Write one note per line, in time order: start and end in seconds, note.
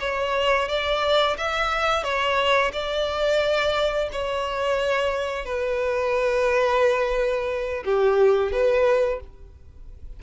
0.00 0.68 C#5
0.68 1.37 D5
1.37 2.04 E5
2.04 2.72 C#5
2.73 4.09 D5
4.12 5.45 C#5
5.45 7.84 B4
7.85 8.52 G4
8.52 9.20 B4